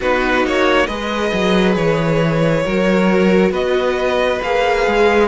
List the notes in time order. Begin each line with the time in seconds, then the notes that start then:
0.00 B3 D#4 F#4 B4
0.43 A#3 C#5
0.86 G#3 G#4 B4 D#5
1.33 F#3
1.76 E3 C#5
2.65 F#3 F#4 A#4
3.51 B3 B4 D#5
4.42 A#3 G#4 F5
4.86 G#3